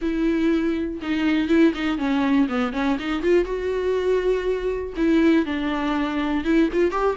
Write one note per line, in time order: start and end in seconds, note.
0.01 1.00 E4
1.02 1.48 D#4
1.48 1.73 E4
1.74 1.98 D#4
1.98 2.47 C#4
2.48 2.73 B3
2.73 2.97 C#4
2.99 3.22 D#4
3.22 3.45 F4
3.45 4.93 F#4
4.96 5.45 E4
5.45 6.44 D4
6.44 6.69 E4
6.72 6.91 F4
6.91 7.16 G4